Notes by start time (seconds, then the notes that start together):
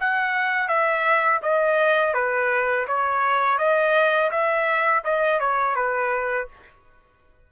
0.00 F#5
0.68 E5
1.42 D#5
2.14 B4
2.87 C#5
3.58 D#5
4.31 E5
5.04 D#5
5.40 C#5
5.75 B4